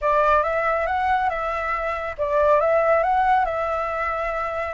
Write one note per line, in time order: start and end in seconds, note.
0.01 0.43 D5
0.43 0.86 E5
0.86 1.29 F#5
1.29 2.15 E5
2.17 2.60 D5
2.60 3.03 E5
3.03 3.45 F#5
3.45 4.74 E5